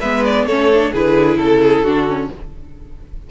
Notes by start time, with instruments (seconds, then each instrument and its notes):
0.00 cello G#3, viola B3, violin B4 E5
0.25 violin D5
0.46 cello A3, viola C#4, violin A4 C#5
0.74 viola D4
0.93 cello D3, viola E4, violin G#4 B4
1.38 cello C#3, violin A4
1.61 violin G#4
1.83 cello D3, viola D4, violin F#4
2.08 viola C#4